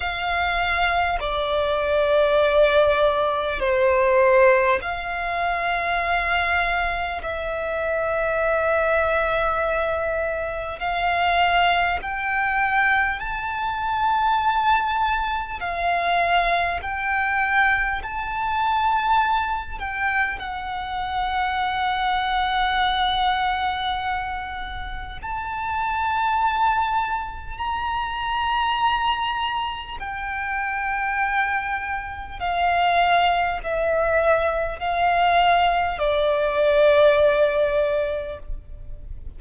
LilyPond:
\new Staff \with { instrumentName = "violin" } { \time 4/4 \tempo 4 = 50 f''4 d''2 c''4 | f''2 e''2~ | e''4 f''4 g''4 a''4~ | a''4 f''4 g''4 a''4~ |
a''8 g''8 fis''2.~ | fis''4 a''2 ais''4~ | ais''4 g''2 f''4 | e''4 f''4 d''2 | }